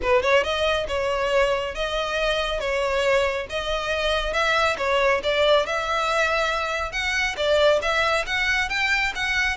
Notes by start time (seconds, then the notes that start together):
0.02 B4
0.22 C#5
0.43 D#5
0.88 C#5
1.75 D#5
2.59 C#5
3.49 D#5
4.33 E5
4.77 C#5
5.23 D5
5.65 E5
6.92 F#5
7.36 D5
7.81 E5
8.26 F#5
8.69 G5
9.15 F#5